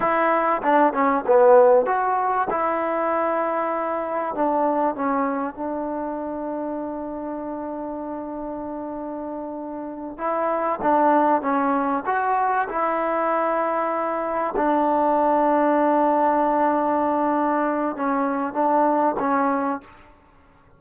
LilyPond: \new Staff \with { instrumentName = "trombone" } { \time 4/4 \tempo 4 = 97 e'4 d'8 cis'8 b4 fis'4 | e'2. d'4 | cis'4 d'2.~ | d'1~ |
d'8 e'4 d'4 cis'4 fis'8~ | fis'8 e'2. d'8~ | d'1~ | d'4 cis'4 d'4 cis'4 | }